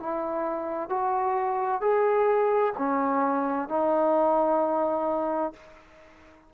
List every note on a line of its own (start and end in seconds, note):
0.00 0.90 E4
0.90 1.81 F#4
1.81 2.74 G#4
2.78 3.69 C#4
3.69 5.53 D#4